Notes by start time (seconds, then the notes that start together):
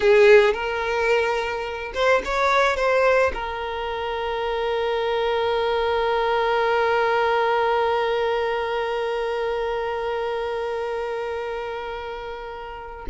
0.00 G#4
0.53 A#4
1.94 C5
2.24 C#5
2.76 C5
3.34 A#4